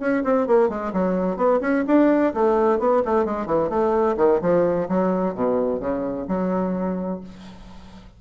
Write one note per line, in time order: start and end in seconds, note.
0.00 0.23 C#4
0.24 0.47 C4
0.47 0.69 A#3
0.69 0.92 G#3
0.93 1.37 F#3
1.37 1.60 B3
1.61 1.84 C#4
1.87 2.34 D4
2.34 2.79 A3
2.79 3.03 B3
3.05 3.25 A3
3.25 3.46 G#3
3.46 3.70 E3
3.70 4.16 A3
4.17 4.40 D#3
4.42 4.88 F3
4.89 5.35 F#3
5.35 5.80 B2
5.80 6.27 C#3
6.28 7.21 F#3